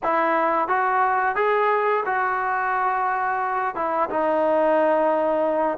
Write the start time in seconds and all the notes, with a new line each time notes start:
0.03 E4
0.68 F#4
1.35 G#4
2.05 F#4
3.75 E4
4.09 D#4